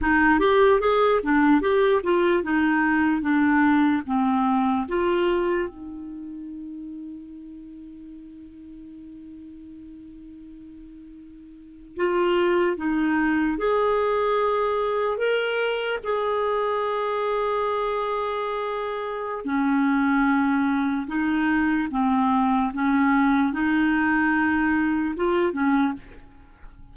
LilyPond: \new Staff \with { instrumentName = "clarinet" } { \time 4/4 \tempo 4 = 74 dis'8 g'8 gis'8 d'8 g'8 f'8 dis'4 | d'4 c'4 f'4 dis'4~ | dis'1~ | dis'2~ dis'8. f'4 dis'16~ |
dis'8. gis'2 ais'4 gis'16~ | gis'1 | cis'2 dis'4 c'4 | cis'4 dis'2 f'8 cis'8 | }